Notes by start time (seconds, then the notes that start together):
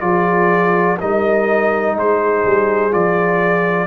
0.00 F3 F4 G#4 D5
1.00 G3 D#4 A#4 D#5
1.95 G#3 G#4 C5
2.44 G3
2.90 F3 F4 D5